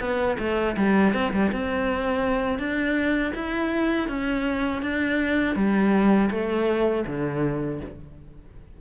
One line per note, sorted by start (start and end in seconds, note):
0.00 0.37 B3
0.39 0.76 A3
0.77 1.14 G3
1.14 1.32 C4
1.33 1.51 G3
1.52 2.59 C4
2.59 3.33 D4
3.35 4.08 E4
4.08 4.82 C#4
4.82 5.56 D4
5.56 6.30 G3
6.31 7.05 A3
7.06 7.80 D3